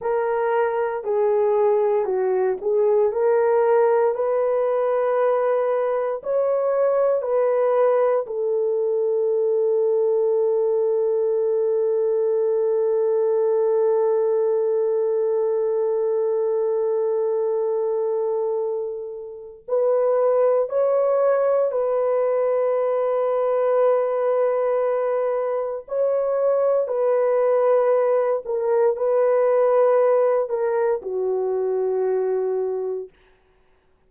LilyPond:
\new Staff \with { instrumentName = "horn" } { \time 4/4 \tempo 4 = 58 ais'4 gis'4 fis'8 gis'8 ais'4 | b'2 cis''4 b'4 | a'1~ | a'1~ |
a'2. b'4 | cis''4 b'2.~ | b'4 cis''4 b'4. ais'8 | b'4. ais'8 fis'2 | }